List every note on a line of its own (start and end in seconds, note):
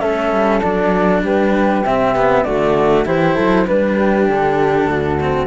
0.00 0.32 A3
0.00 0.61 C#4
0.00 1.22 A4
0.00 0.61 E5
0.32 0.62 G3
0.61 1.22 F#3
0.61 1.84 D4
0.61 1.22 D5
1.22 1.83 G3
1.22 2.44 G4
1.22 1.85 B4
1.84 2.44 C3
1.84 2.16 C4
1.84 2.43 E5
2.16 2.45 B3
2.43 3.05 D3
2.43 3.05 A3
2.43 3.05 F#4
2.43 3.04 D5
3.05 3.36 E3
3.05 3.66 E4
3.05 3.35 G4
3.05 3.66 C5
3.35 3.68 F#3
3.35 3.66 A4
3.66 4.29 G3
3.66 5.19 D4
3.66 4.27 B4
3.66 3.97 B4
3.97 4.88 G4
4.29 4.85 D3
4.29 5.47 A4
4.85 5.46 D2
4.85 5.47 F#4
5.20 5.47 C4